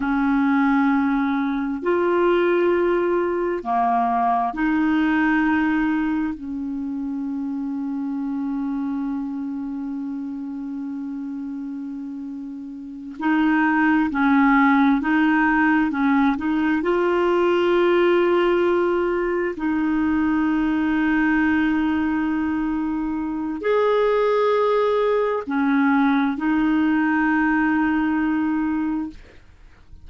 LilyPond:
\new Staff \with { instrumentName = "clarinet" } { \time 4/4 \tempo 4 = 66 cis'2 f'2 | ais4 dis'2 cis'4~ | cis'1~ | cis'2~ cis'8 dis'4 cis'8~ |
cis'8 dis'4 cis'8 dis'8 f'4.~ | f'4. dis'2~ dis'8~ | dis'2 gis'2 | cis'4 dis'2. | }